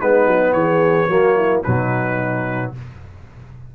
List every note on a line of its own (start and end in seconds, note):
0.00 0.27 G#3
0.00 1.09 B3
0.00 0.54 D#4
0.00 0.53 B4
0.27 0.53 F#3
0.53 1.07 E3
0.53 1.10 G#4
0.53 1.61 C#5
1.08 1.62 F#3
1.08 1.63 A#3
1.08 1.37 F#4
1.37 1.64 E4
1.64 2.75 B2
1.64 2.75 F#3
1.64 2.73 D#4
1.64 2.72 B4